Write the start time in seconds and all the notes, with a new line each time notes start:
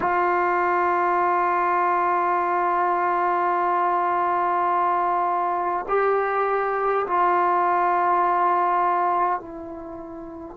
0.00 F4
5.88 G4
7.06 F4
9.40 E4